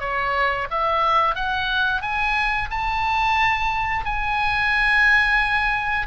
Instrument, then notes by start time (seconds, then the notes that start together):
oboe
0.00 C#5
0.70 E5
1.35 F#5
2.01 G#5
2.70 A5
4.05 G#5